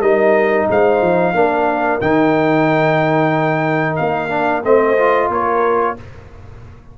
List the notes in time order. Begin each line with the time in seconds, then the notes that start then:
0.00 G3 D#4 A#4 D#5
0.69 G#3 C5 F5
1.02 F3
1.34 A#3 D4 A#4
2.00 D#3 D#4 G5
3.96 A#3 F5
4.29 D4
4.63 A3 C4 C5 D#5
4.97 F4
5.29 A#3 A#4 C#5